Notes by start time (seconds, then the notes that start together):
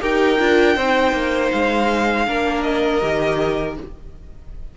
0.00 D#4 G4 A#4 G5
0.39 D4 F4
0.76 C4 D#4 C5
1.12 A#3
1.51 G#3 F5
2.27 A#3 D4 A#4
2.62 D#5
3.01 D#3 G4